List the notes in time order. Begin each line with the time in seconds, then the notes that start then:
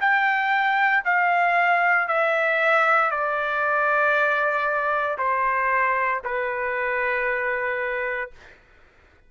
0.00 G5
1.04 F5
2.08 E5
3.10 D5
5.18 C5
6.24 B4